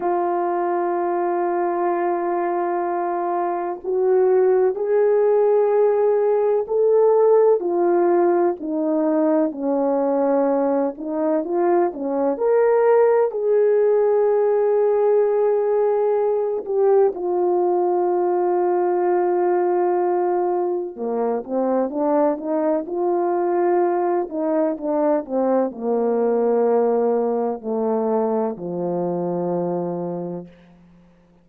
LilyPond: \new Staff \with { instrumentName = "horn" } { \time 4/4 \tempo 4 = 63 f'1 | fis'4 gis'2 a'4 | f'4 dis'4 cis'4. dis'8 | f'8 cis'8 ais'4 gis'2~ |
gis'4. g'8 f'2~ | f'2 ais8 c'8 d'8 dis'8 | f'4. dis'8 d'8 c'8 ais4~ | ais4 a4 f2 | }